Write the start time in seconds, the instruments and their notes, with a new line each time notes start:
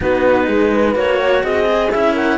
0.00 cello B3 D#4, horn F#4, clarinet B4
0.47 cello G#3, horn G#4
0.72 horn B4
0.92 cello A#3 F#4, clarinet C#5
1.20 horn C#5
1.43 cello C4, horn G#4, clarinet D#5
1.64 cello G#4
1.91 cello C#4 E4, clarinet E5
2.13 horn A#4, clarinet F#5